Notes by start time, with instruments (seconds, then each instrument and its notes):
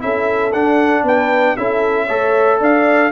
0.00 tuba C#4, trombone E4, horn A4, trumpet E5
0.53 tuba D4, trombone D4, trumpet F#5
1.04 tuba B3, horn B4, trumpet G5
1.57 tuba C#4, trombone E4, horn A4, trumpet E5
2.07 tuba A3, trombone A4, horn C#5
2.60 tuba D4, horn D5, trumpet F5